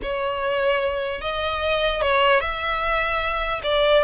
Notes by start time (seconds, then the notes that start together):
0.02 C#5
1.21 D#5
2.01 C#5
2.40 E5
3.63 D5